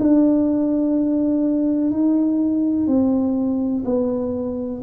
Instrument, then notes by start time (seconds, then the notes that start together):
tuba
0.00 D4
1.91 D#4
2.87 C4
3.85 B3